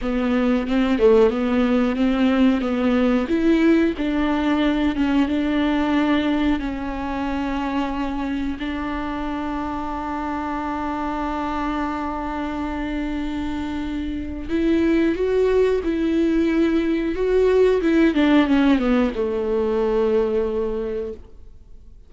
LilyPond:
\new Staff \with { instrumentName = "viola" } { \time 4/4 \tempo 4 = 91 b4 c'8 a8 b4 c'4 | b4 e'4 d'4. cis'8 | d'2 cis'2~ | cis'4 d'2.~ |
d'1~ | d'2 e'4 fis'4 | e'2 fis'4 e'8 d'8 | cis'8 b8 a2. | }